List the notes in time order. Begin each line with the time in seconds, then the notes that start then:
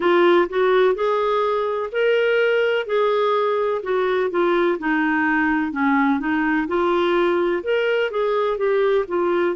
0.00 F4
0.49 F#4
0.94 G#4
1.91 A#4
2.86 G#4
3.82 F#4
4.30 F4
4.78 D#4
5.71 C#4
6.19 D#4
6.67 F4
7.63 A#4
8.10 G#4
8.57 G4
9.07 F4